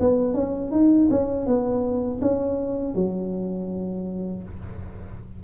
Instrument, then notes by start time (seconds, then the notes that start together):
tuba
0.00 B3
0.34 C#4
0.71 D#4
1.10 C#4
1.46 B3
2.21 C#4
2.95 F#3